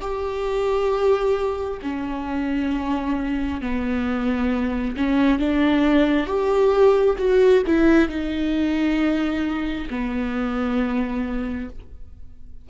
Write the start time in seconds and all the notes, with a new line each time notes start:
0.00 G4
1.82 C#4
3.61 B3
4.96 C#4
5.39 D4
6.26 G4
7.18 F#4
7.66 E4
8.08 D#4
9.90 B3